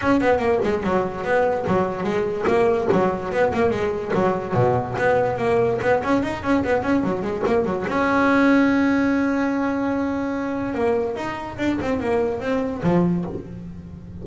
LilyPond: \new Staff \with { instrumentName = "double bass" } { \time 4/4 \tempo 4 = 145 cis'8 b8 ais8 gis8 fis4 b4 | fis4 gis4 ais4 fis4 | b8 ais8 gis4 fis4 b,4 | b4 ais4 b8 cis'8 dis'8 cis'8 |
b8 cis'8 fis8 gis8 ais8 fis8 cis'4~ | cis'1~ | cis'2 ais4 dis'4 | d'8 c'8 ais4 c'4 f4 | }